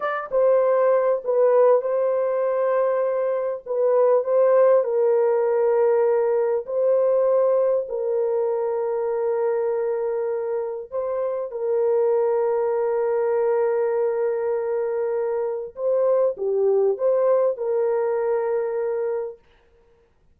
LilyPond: \new Staff \with { instrumentName = "horn" } { \time 4/4 \tempo 4 = 99 d''8 c''4. b'4 c''4~ | c''2 b'4 c''4 | ais'2. c''4~ | c''4 ais'2.~ |
ais'2 c''4 ais'4~ | ais'1~ | ais'2 c''4 g'4 | c''4 ais'2. | }